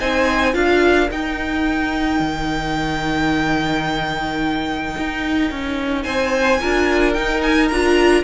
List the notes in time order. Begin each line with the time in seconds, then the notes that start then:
0.00 C4 D#4 C5 G#5
0.53 D4 F4 A#4 F5
1.11 D#4 G5
2.20 D#3
4.98 D#4
5.51 C#4
6.03 C4 C5 G#5
6.61 D4 F4 A#4
7.14 D#4 G5
7.43 G#5
7.69 D4 F4 A#5